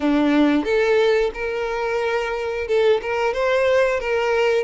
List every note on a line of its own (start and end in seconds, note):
0.00 0.64 D4
0.64 1.31 A4
1.34 2.67 A#4
2.67 3.01 A4
3.02 3.33 A#4
3.33 4.00 C5
4.00 4.64 A#4